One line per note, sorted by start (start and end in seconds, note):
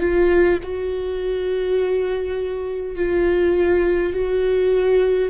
0.00 0.59 F4
0.63 2.96 F#4
2.96 4.13 F4
4.13 5.29 F#4